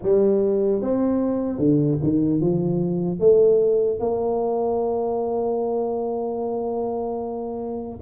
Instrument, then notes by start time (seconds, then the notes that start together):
tuba
0.02 G3
0.81 C4
1.58 D3
2.03 D#3
2.40 F3
3.19 A3
3.99 A#3